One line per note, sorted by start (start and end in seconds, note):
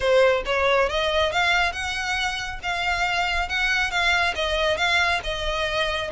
0.00 0.43 C5
0.45 0.89 C#5
0.89 1.32 D#5
1.32 1.72 F5
1.72 2.59 F#5
2.63 3.48 F5
3.48 3.90 F#5
3.90 4.34 F5
4.35 4.77 D#5
4.77 5.20 F5
5.23 6.10 D#5